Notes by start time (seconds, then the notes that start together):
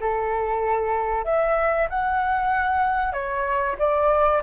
0.00 A4
1.25 E5
1.89 F#5
3.12 C#5
3.78 D5